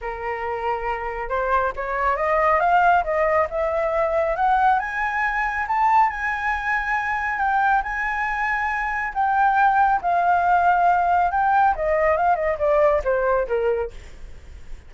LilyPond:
\new Staff \with { instrumentName = "flute" } { \time 4/4 \tempo 4 = 138 ais'2. c''4 | cis''4 dis''4 f''4 dis''4 | e''2 fis''4 gis''4~ | gis''4 a''4 gis''2~ |
gis''4 g''4 gis''2~ | gis''4 g''2 f''4~ | f''2 g''4 dis''4 | f''8 dis''8 d''4 c''4 ais'4 | }